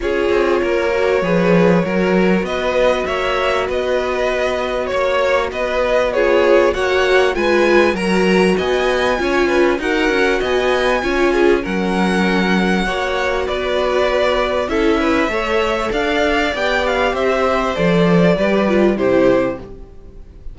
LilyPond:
<<
  \new Staff \with { instrumentName = "violin" } { \time 4/4 \tempo 4 = 98 cis''1 | dis''4 e''4 dis''2 | cis''4 dis''4 cis''4 fis''4 | gis''4 ais''4 gis''2 |
fis''4 gis''2 fis''4~ | fis''2 d''2 | e''2 f''4 g''8 f''8 | e''4 d''2 c''4 | }
  \new Staff \with { instrumentName = "violin" } { \time 4/4 gis'4 ais'4 b'4 ais'4 | b'4 cis''4 b'2 | cis''4 b'4 gis'4 cis''4 | b'4 ais'4 dis''4 cis''8 b'8 |
ais'4 dis''4 cis''8 gis'8 ais'4~ | ais'4 cis''4 b'2 | a'8 b'8 cis''4 d''2 | c''2 b'4 g'4 | }
  \new Staff \with { instrumentName = "viola" } { \time 4/4 f'4. fis'8 gis'4 fis'4~ | fis'1~ | fis'2 f'4 fis'4 | f'4 fis'2 f'4 |
fis'2 f'4 cis'4~ | cis'4 fis'2. | e'4 a'2 g'4~ | g'4 a'4 g'8 f'8 e'4 | }
  \new Staff \with { instrumentName = "cello" } { \time 4/4 cis'8 c'8 ais4 f4 fis4 | b4 ais4 b2 | ais4 b2 ais4 | gis4 fis4 b4 cis'4 |
dis'8 cis'8 b4 cis'4 fis4~ | fis4 ais4 b2 | cis'4 a4 d'4 b4 | c'4 f4 g4 c4 | }
>>